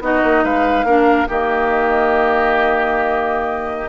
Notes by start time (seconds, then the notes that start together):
0.00 B3 D#4 F#4 D#5
0.23 A#3
0.44 G#3 B4 F5
0.84 A#3 D4 A#4
1.28 D#3 A#3 G4 D#5